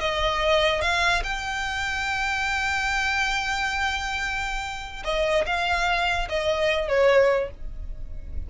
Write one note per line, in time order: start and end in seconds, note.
0.00 0.81 D#5
0.81 1.23 F5
1.23 5.03 G5
5.04 5.45 D#5
5.46 6.28 F5
6.29 6.88 D#5
6.88 7.50 C#5